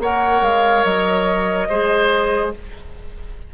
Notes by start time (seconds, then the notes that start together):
0.00 A#3 A#4 C#5 F#5
0.42 G#3 F5
0.85 F#3 D#5
1.69 G#3 G#4 C5